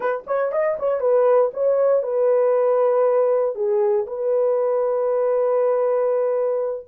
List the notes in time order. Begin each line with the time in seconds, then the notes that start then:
0.00 B4
0.27 C#5
0.52 D#5
0.79 C#5
1.00 B4
1.53 C#5
2.02 B4
3.55 G#4
4.06 B4